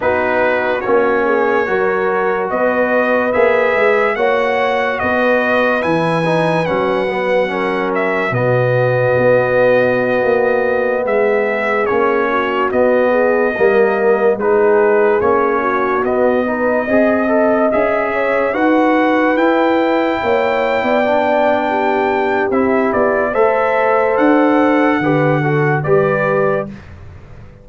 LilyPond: <<
  \new Staff \with { instrumentName = "trumpet" } { \time 4/4 \tempo 4 = 72 b'4 cis''2 dis''4 | e''4 fis''4 dis''4 gis''4 | fis''4. e''8 dis''2~ | dis''4~ dis''16 e''4 cis''4 dis''8.~ |
dis''4~ dis''16 b'4 cis''4 dis''8.~ | dis''4~ dis''16 e''4 fis''4 g''8.~ | g''2. e''8 d''8 | e''4 fis''2 d''4 | }
  \new Staff \with { instrumentName = "horn" } { \time 4/4 fis'4. gis'8 ais'4 b'4~ | b'4 cis''4 b'2~ | b'4 ais'4 fis'2~ | fis'4~ fis'16 gis'4. fis'4 gis'16~ |
gis'16 ais'4 gis'4. fis'4 b'16~ | b'16 dis''4. cis''8 b'4.~ b'16~ | b'16 cis''8. d''4 g'2 | c''2 b'8 a'8 b'4 | }
  \new Staff \with { instrumentName = "trombone" } { \time 4/4 dis'4 cis'4 fis'2 | gis'4 fis'2 e'8 dis'8 | cis'8 b8 cis'4 b2~ | b2~ b16 cis'4 b8.~ |
b16 ais4 dis'4 cis'4 b8 dis'16~ | dis'16 gis'8 a'8 gis'4 fis'4 e'8.~ | e'4~ e'16 d'4.~ d'16 e'4 | a'2 g'8 fis'8 g'4 | }
  \new Staff \with { instrumentName = "tuba" } { \time 4/4 b4 ais4 fis4 b4 | ais8 gis8 ais4 b4 e4 | fis2 b,4 b4~ | b16 ais4 gis4 ais4 b8.~ |
b16 g4 gis4 ais4 b8.~ | b16 c'4 cis'4 dis'4 e'8.~ | e'16 ais8. b2 c'8 b8 | a4 d'4 d4 g4 | }
>>